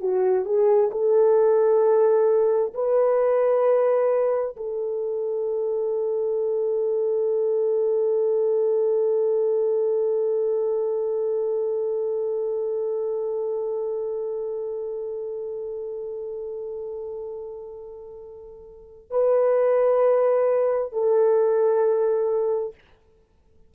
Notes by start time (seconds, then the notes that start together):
0.00 F#4
0.45 G#4
0.91 A4
2.74 B4
4.56 A4
19.10 B4
20.93 A4